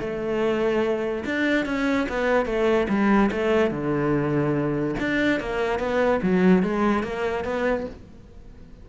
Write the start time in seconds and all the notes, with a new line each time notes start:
0.00 A3
1.25 D4
1.66 C#4
2.09 B3
2.46 A3
2.89 G3
3.32 A3
3.71 D3
5.00 D4
5.40 A#3
5.79 B3
6.22 F#3
6.63 G#3
7.03 A#3
7.45 B3